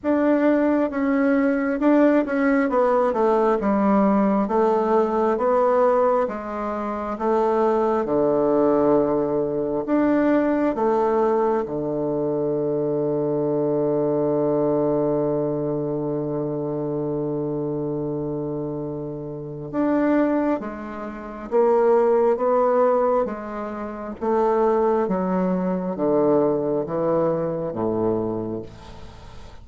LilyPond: \new Staff \with { instrumentName = "bassoon" } { \time 4/4 \tempo 4 = 67 d'4 cis'4 d'8 cis'8 b8 a8 | g4 a4 b4 gis4 | a4 d2 d'4 | a4 d2.~ |
d1~ | d2 d'4 gis4 | ais4 b4 gis4 a4 | fis4 d4 e4 a,4 | }